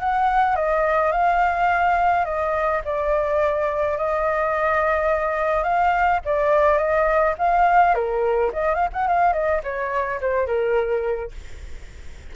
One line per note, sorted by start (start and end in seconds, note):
0.00 0.56 F#5
0.56 1.12 D#5
1.12 2.25 F5
2.25 2.82 D#5
2.85 3.98 D5
3.98 5.63 D#5
5.63 6.20 F5
6.25 6.78 D5
6.78 7.34 D#5
7.38 7.95 F5
7.95 8.51 A#4
8.53 8.75 D#5
8.75 8.89 F5
8.93 9.07 F#5
9.08 9.33 F5
9.33 9.61 D#5
9.64 10.20 C#5
10.21 10.47 C5
10.47 11.32 A#4